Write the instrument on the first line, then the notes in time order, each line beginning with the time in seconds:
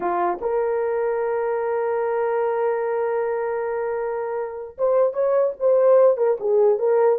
horn
0.00 F4
0.41 A#4
4.78 C5
5.13 C#5
5.59 C5
6.17 A#4
6.39 G#4
6.78 A#4